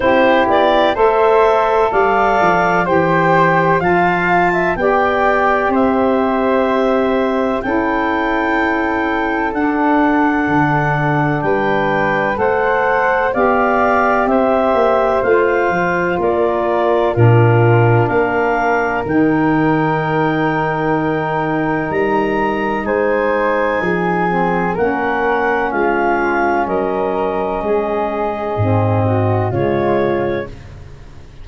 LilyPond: <<
  \new Staff \with { instrumentName = "clarinet" } { \time 4/4 \tempo 4 = 63 c''8 d''8 e''4 f''4 g''4 | a''4 g''4 e''2 | g''2 fis''2 | g''4 fis''4 f''4 e''4 |
f''4 d''4 ais'4 f''4 | g''2. ais''4 | gis''2 fis''4 f''4 | dis''2. cis''4 | }
  \new Staff \with { instrumentName = "flute" } { \time 4/4 g'4 c''4 d''4 c''4 | f''8. e''16 d''4 c''2 | a'1 | b'4 c''4 d''4 c''4~ |
c''4 ais'4 f'4 ais'4~ | ais'1 | c''4 gis'4 ais'4 f'4 | ais'4 gis'4. fis'8 f'4 | }
  \new Staff \with { instrumentName = "saxophone" } { \time 4/4 e'4 a'2 g'4 | f'4 g'2. | e'2 d'2~ | d'4 a'4 g'2 |
f'2 d'2 | dis'1~ | dis'4. c'8 cis'2~ | cis'2 c'4 gis4 | }
  \new Staff \with { instrumentName = "tuba" } { \time 4/4 c'8 b8 a4 g8 f8 e4 | f4 b4 c'2 | cis'2 d'4 d4 | g4 a4 b4 c'8 ais8 |
a8 f8 ais4 ais,4 ais4 | dis2. g4 | gis4 f4 ais4 gis4 | fis4 gis4 gis,4 cis4 | }
>>